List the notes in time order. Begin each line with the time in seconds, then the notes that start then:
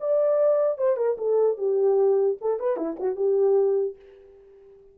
0.00 D5
0.77 C5
0.96 A#4
1.18 A4
1.57 G4
2.41 A4
2.59 B4
2.76 E4
2.99 F#4
3.15 G4